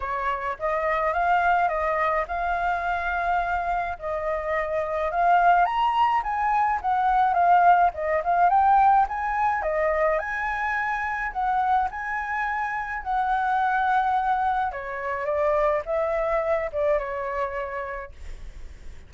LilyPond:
\new Staff \with { instrumentName = "flute" } { \time 4/4 \tempo 4 = 106 cis''4 dis''4 f''4 dis''4 | f''2. dis''4~ | dis''4 f''4 ais''4 gis''4 | fis''4 f''4 dis''8 f''8 g''4 |
gis''4 dis''4 gis''2 | fis''4 gis''2 fis''4~ | fis''2 cis''4 d''4 | e''4. d''8 cis''2 | }